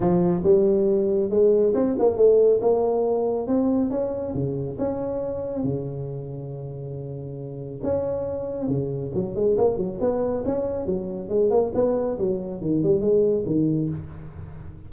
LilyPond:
\new Staff \with { instrumentName = "tuba" } { \time 4/4 \tempo 4 = 138 f4 g2 gis4 | c'8 ais8 a4 ais2 | c'4 cis'4 cis4 cis'4~ | cis'4 cis2.~ |
cis2 cis'2 | cis4 fis8 gis8 ais8 fis8 b4 | cis'4 fis4 gis8 ais8 b4 | fis4 dis8 g8 gis4 dis4 | }